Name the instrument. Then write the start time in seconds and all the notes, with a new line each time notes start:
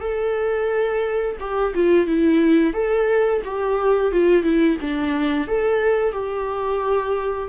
viola
0.00 A4
1.39 G4
1.74 F4
2.06 E4
2.73 A4
3.45 G4
4.12 F4
4.43 E4
4.81 D4
5.47 A4
6.12 G4